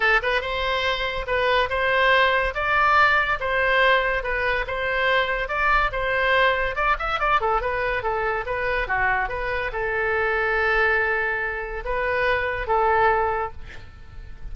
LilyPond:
\new Staff \with { instrumentName = "oboe" } { \time 4/4 \tempo 4 = 142 a'8 b'8 c''2 b'4 | c''2 d''2 | c''2 b'4 c''4~ | c''4 d''4 c''2 |
d''8 e''8 d''8 a'8 b'4 a'4 | b'4 fis'4 b'4 a'4~ | a'1 | b'2 a'2 | }